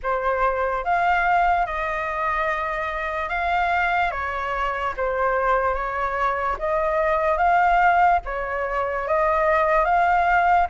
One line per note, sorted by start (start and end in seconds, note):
0.02 0.84 C5
0.84 1.66 F5
1.66 3.29 D#5
3.29 4.11 F5
4.11 4.93 C#5
4.97 5.74 C5
5.74 6.56 C#5
6.58 7.37 D#5
7.37 8.19 F5
8.25 9.07 C#5
9.07 9.84 D#5
9.84 10.67 F5